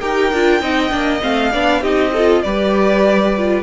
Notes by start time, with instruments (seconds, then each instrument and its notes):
0.00 cello D#4, viola G4, violin A#4 G5
0.32 cello D4, viola F4
0.61 cello C4, viola D#4, violin D#5
0.90 cello A#3, viola D4
1.21 cello A3, viola C4, violin F5
1.53 cello B3, viola D4, violin D5
1.81 cello C4, viola D#4, violin G4 D#5
2.13 viola F4, violin A4
2.42 cello G3, viola G4, violin B4 D5
3.38 viola F4